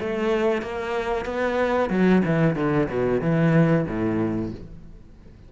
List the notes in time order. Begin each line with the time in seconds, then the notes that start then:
0.00 A3
0.62 A#3
1.25 B3
1.89 F#3
2.25 E3
2.55 D3
2.89 B2
3.21 E3
3.87 A2